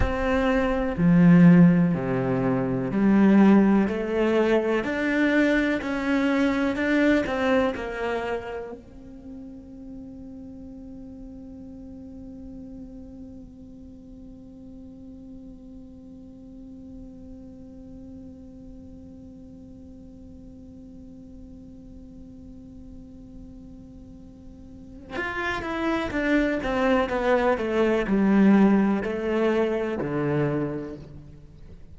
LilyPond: \new Staff \with { instrumentName = "cello" } { \time 4/4 \tempo 4 = 62 c'4 f4 c4 g4 | a4 d'4 cis'4 d'8 c'8 | ais4 c'2.~ | c'1~ |
c'1~ | c'1~ | c'2 f'8 e'8 d'8 c'8 | b8 a8 g4 a4 d4 | }